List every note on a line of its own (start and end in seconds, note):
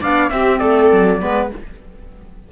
0.00 0.30 B3
0.00 0.28 D4
0.00 0.30 D5
0.00 0.29 F5
0.28 1.18 C4
0.28 0.60 C4
0.28 0.59 G4
0.28 0.58 E5
0.58 0.91 A3
0.58 1.19 A4
0.58 1.48 D5
0.91 1.21 F#3
1.19 1.51 G#3
1.19 1.49 B3
1.19 1.51 B4